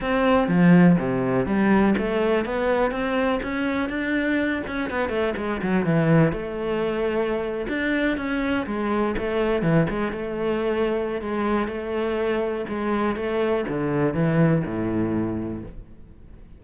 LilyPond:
\new Staff \with { instrumentName = "cello" } { \time 4/4 \tempo 4 = 123 c'4 f4 c4 g4 | a4 b4 c'4 cis'4 | d'4. cis'8 b8 a8 gis8 fis8 | e4 a2~ a8. d'16~ |
d'8. cis'4 gis4 a4 e16~ | e16 gis8 a2~ a16 gis4 | a2 gis4 a4 | d4 e4 a,2 | }